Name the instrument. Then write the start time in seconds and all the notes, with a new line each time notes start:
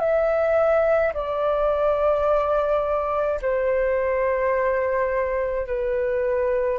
flute
0.00 E5
1.14 D5
3.42 C5
5.67 B4